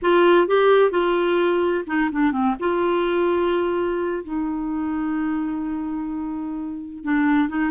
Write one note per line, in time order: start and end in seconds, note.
0.02 0.47 F4
0.47 0.91 G4
0.91 1.84 F4
1.86 2.10 D#4
2.12 2.32 D4
2.32 2.55 C4
2.59 4.23 F4
4.23 7.04 D#4
7.04 7.48 D4
7.48 7.70 D#4